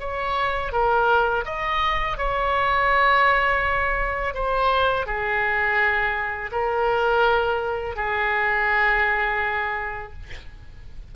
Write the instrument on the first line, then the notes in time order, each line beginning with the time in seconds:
oboe
0.00 C#5
0.72 A#4
1.45 D#5
2.18 C#5
4.34 C5
5.06 G#4
6.52 A#4
7.96 G#4